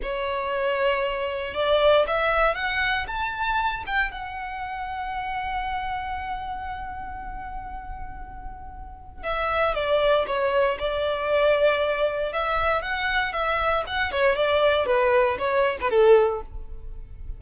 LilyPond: \new Staff \with { instrumentName = "violin" } { \time 4/4 \tempo 4 = 117 cis''2. d''4 | e''4 fis''4 a''4. g''8 | fis''1~ | fis''1~ |
fis''2 e''4 d''4 | cis''4 d''2. | e''4 fis''4 e''4 fis''8 cis''8 | d''4 b'4 cis''8. b'16 a'4 | }